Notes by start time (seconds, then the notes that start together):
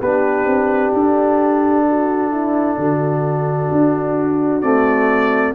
0.00 B3 D4 G4 B4
0.46 C4
0.94 D4 A4
1.89 F#4
2.31 E4
2.78 D3 F#4
3.72 D4
4.61 A3 C4 D5